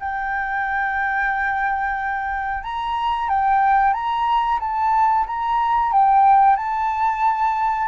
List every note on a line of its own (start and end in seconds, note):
0.00 2.63 G5
2.63 3.29 A#5
3.29 3.93 G5
3.93 4.59 A#5
4.60 5.26 A5
5.26 5.92 A#5
5.92 6.56 G5
6.56 7.88 A5